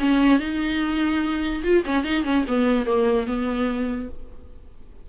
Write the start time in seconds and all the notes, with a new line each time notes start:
0.00 C#4
0.40 D#4
1.64 F4
1.86 C#4
2.04 D#4
2.25 C#4
2.48 B3
2.86 A#3
3.27 B3